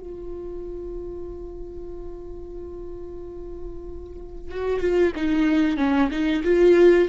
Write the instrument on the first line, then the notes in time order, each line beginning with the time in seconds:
viola
0.00 F4
4.51 F#4
4.81 F4
5.16 D#4
5.78 C#4
6.11 D#4
6.44 F4